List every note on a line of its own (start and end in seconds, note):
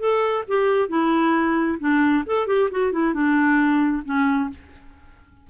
0.00 0.45 A4
0.48 0.89 G4
0.89 1.79 E4
1.80 2.25 D4
2.27 2.47 A4
2.47 2.70 G4
2.71 2.93 F#4
2.93 3.14 E4
3.14 4.04 D4
4.05 4.50 C#4